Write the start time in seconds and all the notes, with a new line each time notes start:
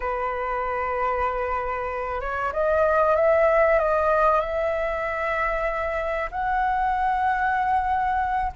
0.00 B4
2.20 C#5
2.53 D#5
3.15 E5
3.79 D#5
4.40 E5
6.31 F#5